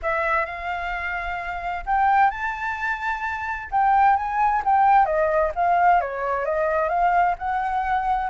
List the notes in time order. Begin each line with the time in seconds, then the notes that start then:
0.02 E5
0.45 F5
1.86 G5
2.30 A5
3.71 G5
4.16 G#5
4.64 G5
5.05 D#5
5.55 F5
6.00 C#5
6.45 D#5
6.89 F5
7.38 F#5